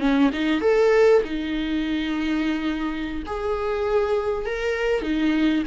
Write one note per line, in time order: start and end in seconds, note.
0.00 0.31 C#4
0.33 0.61 D#4
0.61 1.22 A4
1.24 3.23 D#4
3.26 4.46 G#4
4.46 5.02 A#4
5.02 5.64 D#4